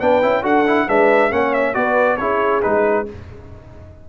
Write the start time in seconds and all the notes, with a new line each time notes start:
0.00 B3 D4 B4 G5
0.22 C#4 E4
0.42 D4 F#4 A4 F#5
0.67 E4
0.88 G#3 D4 B4 E5
1.31 A#3 C#4 C#5 F#5
1.54 E5
1.74 B3 F#4 B4 D5
2.17 C#4 E4 G#4 C#5
2.62 G#3 D#4 B4